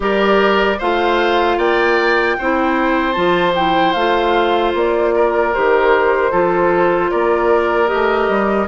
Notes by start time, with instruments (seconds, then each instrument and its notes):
0.00 bassoon G3, clarinet G4, oboe A#4, flute D5
0.78 bassoon A3, clarinet F4, oboe C5, flute F5
1.57 bassoon A#3, oboe D5, flute G5
2.38 bassoon C4, clarinet E4, oboe C5
3.12 bassoon F3, clarinet F4, flute A5
3.55 clarinet E4, flute G5
3.92 bassoon A3, clarinet F4, flute F5
4.74 bassoon A#3, flute D5
5.15 oboe A#4
5.53 bassoon D#3, clarinet G4, flute C5
6.31 bassoon F3, clarinet F4, oboe A4
7.11 bassoon A#3, oboe A#4, flute D5
7.86 clarinet G4, flute D#5
7.93 bassoon A3
8.28 bassoon G3